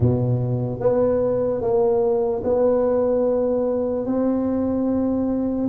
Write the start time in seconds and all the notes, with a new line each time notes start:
0.00 B2
0.80 B3
1.61 A#3
2.43 B3
4.05 C4